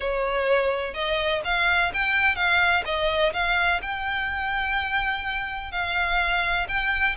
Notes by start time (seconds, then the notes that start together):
0.00 C#5
0.94 D#5
1.44 F5
1.93 G5
2.35 F5
2.85 D#5
3.33 F5
3.82 G5
5.71 F5
6.68 G5